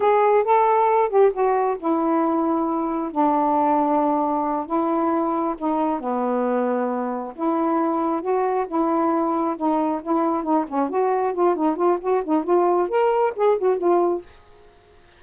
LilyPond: \new Staff \with { instrumentName = "saxophone" } { \time 4/4 \tempo 4 = 135 gis'4 a'4. g'8 fis'4 | e'2. d'4~ | d'2~ d'8 e'4.~ | e'8 dis'4 b2~ b8~ |
b8 e'2 fis'4 e'8~ | e'4. dis'4 e'4 dis'8 | cis'8 fis'4 f'8 dis'8 f'8 fis'8 dis'8 | f'4 ais'4 gis'8 fis'8 f'4 | }